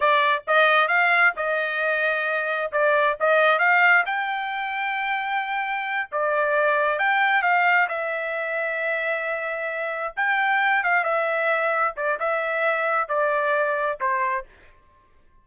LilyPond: \new Staff \with { instrumentName = "trumpet" } { \time 4/4 \tempo 4 = 133 d''4 dis''4 f''4 dis''4~ | dis''2 d''4 dis''4 | f''4 g''2.~ | g''4. d''2 g''8~ |
g''8 f''4 e''2~ e''8~ | e''2~ e''8 g''4. | f''8 e''2 d''8 e''4~ | e''4 d''2 c''4 | }